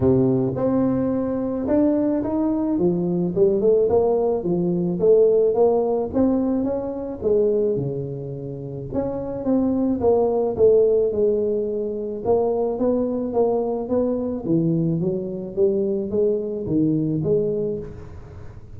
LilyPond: \new Staff \with { instrumentName = "tuba" } { \time 4/4 \tempo 4 = 108 c4 c'2 d'4 | dis'4 f4 g8 a8 ais4 | f4 a4 ais4 c'4 | cis'4 gis4 cis2 |
cis'4 c'4 ais4 a4 | gis2 ais4 b4 | ais4 b4 e4 fis4 | g4 gis4 dis4 gis4 | }